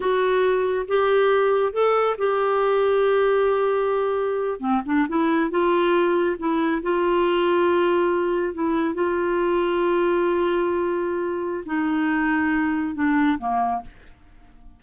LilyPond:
\new Staff \with { instrumentName = "clarinet" } { \time 4/4 \tempo 4 = 139 fis'2 g'2 | a'4 g'2.~ | g'2~ g'8. c'8 d'8 e'16~ | e'8. f'2 e'4 f'16~ |
f'2.~ f'8. e'16~ | e'8. f'2.~ f'16~ | f'2. dis'4~ | dis'2 d'4 ais4 | }